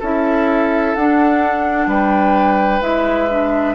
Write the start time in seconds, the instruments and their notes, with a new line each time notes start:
0.00 bassoon C#4, clarinet E4, oboe A4, flute E5
0.96 bassoon D4, clarinet D4, flute F#5
1.88 bassoon G3, oboe B4, flute G5
2.82 bassoon G#3, clarinet E4, flute E5
3.30 clarinet D4